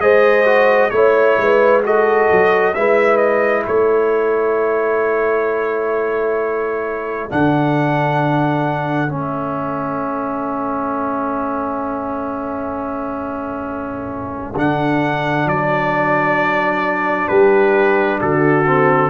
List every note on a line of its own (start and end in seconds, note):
0.00 0.91 G#3
0.00 0.46 G#4
0.00 0.93 C5
0.00 0.90 D#5
0.46 0.92 F#4
0.90 1.37 A3
0.90 1.83 E4
0.90 1.81 C#5
0.90 1.40 C#5
1.38 2.29 G#3
1.38 1.85 B4
1.84 2.75 F#4
1.84 2.76 A4
1.84 2.74 D#5
2.32 2.76 F#3
2.74 3.67 G#3
2.74 7.30 E4
2.74 3.67 B4
2.74 3.17 E5
3.17 3.63 D#5
3.67 7.31 A3
3.67 17.29 A4
3.67 7.31 C#5
7.30 9.13 D3
7.30 9.09 D4
7.30 9.13 F#5
9.09 14.56 A3
9.09 14.54 C#4
9.09 14.58 E5
14.56 15.46 D3
14.56 18.65 D4
14.56 15.49 F#5
15.46 17.28 F#3
15.46 17.28 D5
17.28 18.22 G3
17.28 18.20 G4
17.28 18.19 B4
18.21 19.11 D3
18.21 19.11 F#4
18.21 19.11 A4
18.67 19.11 C4